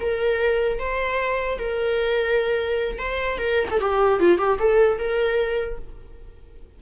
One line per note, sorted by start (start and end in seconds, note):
0.00 0.79 A#4
0.79 1.58 C5
1.58 2.98 A#4
2.98 3.38 C5
3.38 3.68 A#4
3.70 3.80 A4
3.80 4.20 G4
4.20 4.38 F4
4.38 4.58 G4
4.59 4.98 A4
4.98 5.78 A#4